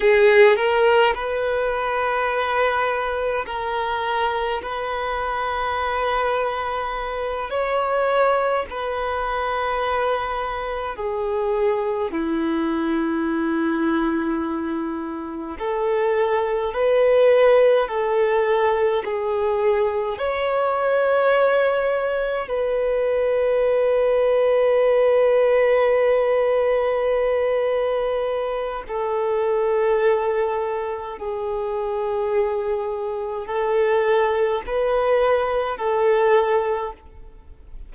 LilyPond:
\new Staff \with { instrumentName = "violin" } { \time 4/4 \tempo 4 = 52 gis'8 ais'8 b'2 ais'4 | b'2~ b'8 cis''4 b'8~ | b'4. gis'4 e'4.~ | e'4. a'4 b'4 a'8~ |
a'8 gis'4 cis''2 b'8~ | b'1~ | b'4 a'2 gis'4~ | gis'4 a'4 b'4 a'4 | }